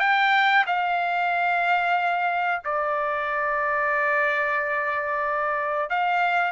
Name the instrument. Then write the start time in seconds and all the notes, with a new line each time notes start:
trumpet
0.00 G5
0.67 F5
2.65 D5
5.91 F5